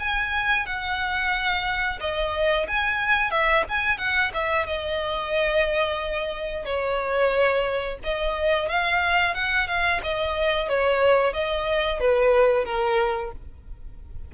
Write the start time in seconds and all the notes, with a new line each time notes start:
0.00 G#5
0.66 F#5
2.01 D#5
2.68 G#5
3.31 E5
3.69 G#5
3.98 F#5
4.34 E5
4.67 D#5
6.65 C#5
8.04 D#5
8.69 F5
9.35 F#5
9.68 F5
10.04 D#5
10.69 C#5
11.33 D#5
12.00 B4
12.65 A#4